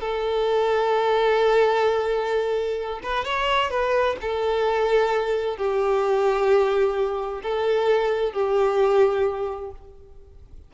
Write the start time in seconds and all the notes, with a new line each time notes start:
0.00 A4
3.03 B4
3.25 C#5
3.70 B4
4.21 A4
5.57 G4
7.42 A4
8.32 G4